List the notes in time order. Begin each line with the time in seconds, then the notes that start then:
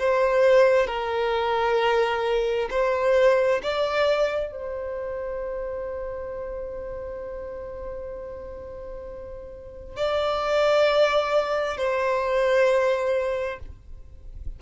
0.00 C5
0.87 A#4
2.71 C5
3.63 D5
4.52 C5
9.97 D5
11.78 C5